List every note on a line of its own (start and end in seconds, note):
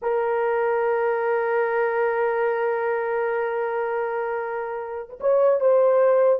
0.01 5.09 A#4
5.09 5.19 B4
5.20 5.60 C#5
5.60 6.39 C5